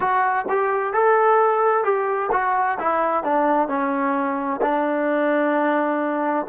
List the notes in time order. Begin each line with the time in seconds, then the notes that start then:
0.00 F#4
0.49 G4
0.93 A4
1.83 G4
2.32 F#4
2.79 E4
3.23 D4
3.68 C#4
4.61 D4